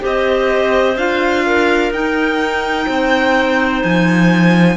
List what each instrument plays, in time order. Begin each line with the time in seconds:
0.00 cello C4, clarinet G4 C5, violin D#5
0.96 cello D4, clarinet F4, violin F5
1.46 clarinet A#4
1.91 cello D#4, clarinet D#4, violin G5
2.87 cello C4, clarinet C5
3.83 cello F3, violin G#5